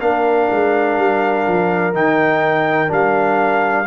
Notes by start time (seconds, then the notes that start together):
0.00 A#3 D4 A#4 F5
0.51 G#3
0.97 G3
1.47 F3
1.93 D#3 D#4 G5
2.88 G3 D4 F5